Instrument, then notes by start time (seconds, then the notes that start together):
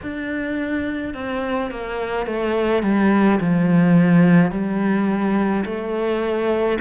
cello
0.02 D4
1.14 C4
1.70 A#3
2.26 A3
2.83 G3
3.40 F3
4.51 G3
5.64 A3